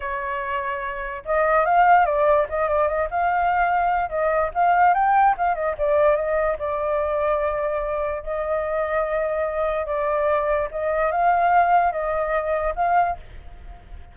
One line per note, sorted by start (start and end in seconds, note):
0.00 1.23 C#5
1.25 1.65 D#5
1.65 2.05 F5
2.05 2.46 D5
2.49 2.68 D#5
2.68 2.88 D5
2.88 3.08 D#5
3.10 4.09 F5
4.09 4.50 D#5
4.54 4.94 F5
4.94 5.35 G5
5.37 5.54 F5
5.54 5.75 D#5
5.77 6.16 D5
6.16 6.57 D#5
6.58 8.22 D5
8.22 9.86 D#5
9.86 10.68 D5
10.71 11.11 D#5
11.11 11.91 F5
11.91 12.74 D#5
12.75 13.16 F5